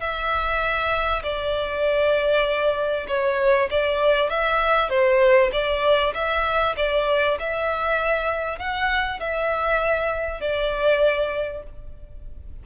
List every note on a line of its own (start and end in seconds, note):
0.00 1.22 E5
1.23 3.06 D5
3.08 3.69 C#5
3.70 4.30 D5
4.30 4.89 E5
4.89 5.50 C5
5.52 6.13 D5
6.14 6.75 E5
6.76 7.37 D5
7.39 8.58 E5
8.58 9.19 F#5
9.19 10.41 E5
10.41 11.63 D5